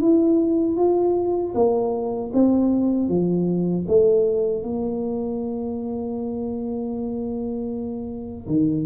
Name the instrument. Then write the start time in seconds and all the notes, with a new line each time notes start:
tuba
0.00 E4
0.76 F4
1.54 A#3
2.33 C4
3.08 F3
3.87 A3
4.62 A#3
8.47 D#3